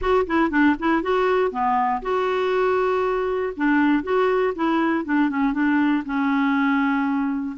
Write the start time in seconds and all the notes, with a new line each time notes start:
0.01 F#4
0.26 E4
0.50 D4
0.79 E4
1.02 F#4
1.51 B3
2.01 F#4
3.56 D4
4.03 F#4
4.55 E4
5.04 D4
5.29 C#4
5.53 D4
6.05 C#4